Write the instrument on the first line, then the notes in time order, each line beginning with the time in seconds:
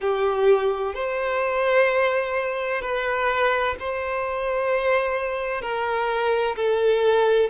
violin
0.00 G4
0.94 C5
2.81 B4
3.79 C5
5.61 A#4
6.56 A4